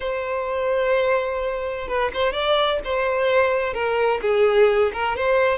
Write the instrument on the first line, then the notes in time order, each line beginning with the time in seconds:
violin
0.00 C5
1.87 B4
2.13 C5
2.32 D5
2.84 C5
3.73 A#4
4.21 G#4
4.93 A#4
5.16 C5